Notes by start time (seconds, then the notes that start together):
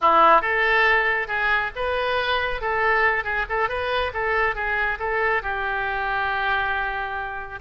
0.01 E4
0.41 A4
1.27 G#4
1.75 B4
2.61 A4
3.24 G#4
3.49 A4
3.68 B4
4.13 A4
4.55 G#4
4.99 A4
5.42 G4